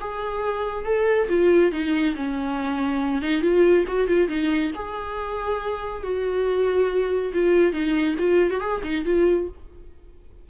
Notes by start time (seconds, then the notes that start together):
0.00 G#4
0.85 A4
1.29 F4
1.71 D#4
2.15 C#4
3.22 D#4
3.41 F4
3.87 F#4
4.07 F4
4.28 D#4
4.75 G#4
6.03 F#4
7.33 F4
7.72 D#4
8.18 F4
8.50 F#4
8.60 G#4
8.83 D#4
9.05 F4